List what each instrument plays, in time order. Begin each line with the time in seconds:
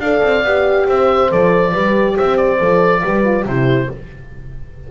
0.00 double bass D4, horn A4 D5, oboe F5
0.23 double bass C4
0.44 double bass B3, horn G4
0.88 double bass C4, horn C5, oboe E5
1.31 double bass F3, horn A4, oboe D5
1.72 double bass G3, horn G4 B4
2.17 double bass C4, horn C5, oboe E5
2.38 oboe D5
2.59 double bass F3, horn A4
3.04 double bass G3, horn G4 B4
3.25 horn F4
3.46 double bass C3, horn E4 G4, oboe C5